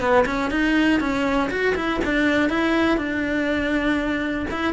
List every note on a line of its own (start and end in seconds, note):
0.00 0.25 B3
0.26 0.50 C#4
0.50 1.00 D#4
1.00 1.50 C#4
1.50 1.75 F#4
1.76 2.00 E4
2.05 2.50 D4
2.50 2.97 E4
2.97 4.46 D4
4.51 4.73 E4